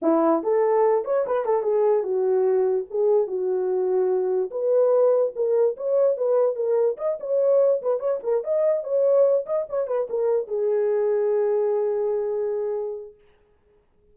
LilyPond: \new Staff \with { instrumentName = "horn" } { \time 4/4 \tempo 4 = 146 e'4 a'4. cis''8 b'8 a'8 | gis'4 fis'2 gis'4 | fis'2. b'4~ | b'4 ais'4 cis''4 b'4 |
ais'4 dis''8 cis''4. b'8 cis''8 | ais'8 dis''4 cis''4. dis''8 cis''8 | b'8 ais'4 gis'2~ gis'8~ | gis'1 | }